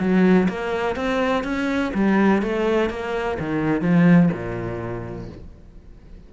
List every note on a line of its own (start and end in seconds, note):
0.00 0.48 F#3
0.49 0.96 A#3
0.96 1.44 C4
1.44 1.92 C#4
1.94 2.42 G3
2.42 2.90 A3
2.90 3.38 A#3
3.39 3.82 D#3
3.82 4.30 F3
4.32 5.28 A#2